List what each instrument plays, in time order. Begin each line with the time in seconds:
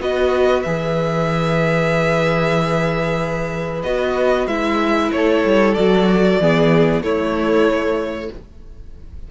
0.00 cello B3, viola F#4, violin B4 D#5
0.62 cello E3, viola G#4, violin E5
3.83 cello B3, viola F#4, violin D#5
4.47 cello G#3, viola E4, violin E5
5.12 cello A3, violin A4 C#5
5.45 cello G3
5.75 cello F#3, viola F#4, violin D5
6.39 cello E3, viola B3, violin G#4
7.01 cello A3, viola A3, violin E4 C#5